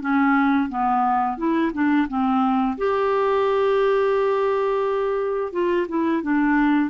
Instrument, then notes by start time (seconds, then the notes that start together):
clarinet
0.00 C#4
0.69 B3
1.37 E4
1.73 D4
2.08 C4
2.77 G4
5.52 F4
5.88 E4
6.22 D4